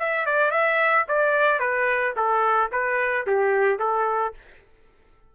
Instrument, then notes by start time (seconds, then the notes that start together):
trumpet
0.00 E5
0.26 D5
0.52 E5
1.09 D5
1.60 B4
2.17 A4
2.72 B4
3.27 G4
3.80 A4